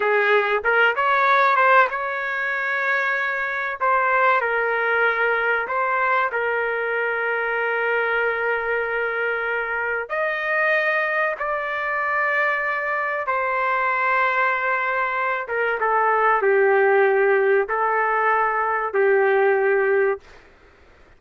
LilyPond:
\new Staff \with { instrumentName = "trumpet" } { \time 4/4 \tempo 4 = 95 gis'4 ais'8 cis''4 c''8 cis''4~ | cis''2 c''4 ais'4~ | ais'4 c''4 ais'2~ | ais'1 |
dis''2 d''2~ | d''4 c''2.~ | c''8 ais'8 a'4 g'2 | a'2 g'2 | }